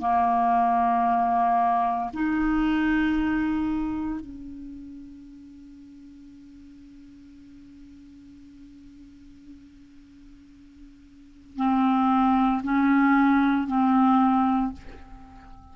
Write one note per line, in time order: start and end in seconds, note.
0.00 2.11 A#3
2.13 4.20 D#4
4.20 11.56 C#4
11.56 12.62 C4
12.63 13.67 C#4
13.67 14.72 C4